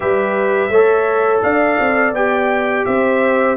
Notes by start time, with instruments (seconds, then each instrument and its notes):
0.00 tuba G3, trombone G4, horn B4, trumpet E5
0.69 tuba A3, trombone A4, horn C#5
1.42 tuba D4, horn D5, trumpet F5
1.79 tuba C4
2.12 tuba B3, trombone G4, trumpet G5
2.85 tuba C4, horn C5, trumpet E5